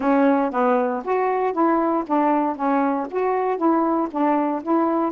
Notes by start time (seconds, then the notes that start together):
0.00 C#4
0.51 B3
1.04 F#4
1.52 E4
2.07 D4
2.55 C#4
3.10 F#4
3.57 E4
4.11 D4
4.62 E4